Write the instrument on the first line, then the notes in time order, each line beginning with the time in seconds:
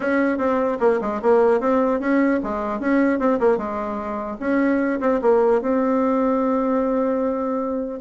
bassoon
0.00 C#4
0.38 C4
0.80 A#3
1.01 G#3
1.21 A#3
1.60 C4
2.00 C#4
2.43 G#3
2.80 C#4
3.19 C4
3.39 A#3
3.57 G#3
4.40 C#4
5.00 C4
5.21 A#3
5.61 C4